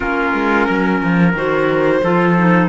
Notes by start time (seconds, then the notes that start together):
0.00 A#3 C#4 F4 A#4
0.33 G#3
0.67 F#3 A#4
1.02 F3
1.33 D#3 F#4 C5
2.02 F3 F4 A4
2.37 D#4